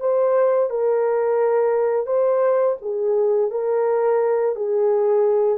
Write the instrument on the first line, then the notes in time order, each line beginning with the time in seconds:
horn
0.00 C5
0.70 A#4
2.06 C5
2.82 G#4
3.51 A#4
4.56 G#4